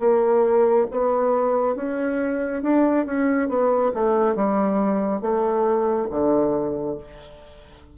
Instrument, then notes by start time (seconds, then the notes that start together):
bassoon
0.00 A#3
0.91 B3
1.76 C#4
2.63 D4
3.06 C#4
3.49 B3
3.94 A3
4.36 G3
5.22 A3
6.11 D3